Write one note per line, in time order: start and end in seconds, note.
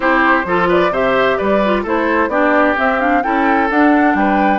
0.00 0.44 C4
0.00 0.44 E4
0.00 0.46 G4
0.00 0.67 C5
0.44 0.90 F3
0.44 0.91 F4
0.44 0.68 A4
0.68 0.91 B4
0.68 0.93 D5
0.90 1.36 C3
0.90 1.61 G4
0.90 1.37 C5
0.90 1.37 E5
1.37 1.85 G3
1.37 1.82 B4
1.37 1.83 D5
1.64 1.85 F4
1.82 2.28 A3
1.82 2.30 E4
1.82 2.28 A4
1.82 2.29 C5
2.28 2.74 B3
2.28 2.75 D4
2.28 3.23 G4
2.28 2.75 D5
2.75 2.99 C4
2.75 3.24 C4
2.75 3.00 E5
2.99 3.22 D4
2.99 3.22 F5
3.22 3.70 C#4
3.22 3.69 E4
3.22 4.16 A4
3.22 3.69 G5
3.70 4.14 D4
3.70 4.58 D4
3.70 4.16 F#5
4.14 4.58 G3
4.14 4.58 B4
4.14 4.58 G5